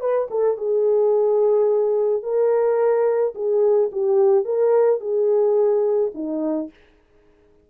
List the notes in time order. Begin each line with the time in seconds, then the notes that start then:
0.00 B4
0.30 A4
0.57 G#4
2.22 A#4
3.35 G#4
3.92 G4
4.45 A#4
5.00 G#4
6.14 D#4